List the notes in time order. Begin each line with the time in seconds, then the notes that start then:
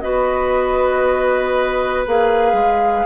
0.00 B3 F#4 B4 D#5
2.06 A#3 G#4 F5
2.52 G#3